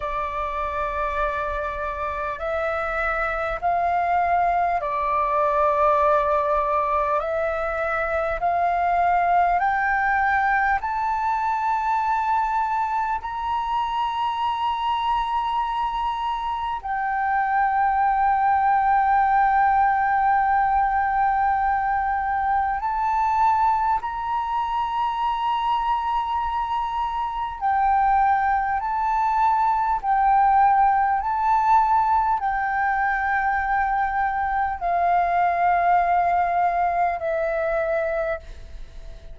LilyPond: \new Staff \with { instrumentName = "flute" } { \time 4/4 \tempo 4 = 50 d''2 e''4 f''4 | d''2 e''4 f''4 | g''4 a''2 ais''4~ | ais''2 g''2~ |
g''2. a''4 | ais''2. g''4 | a''4 g''4 a''4 g''4~ | g''4 f''2 e''4 | }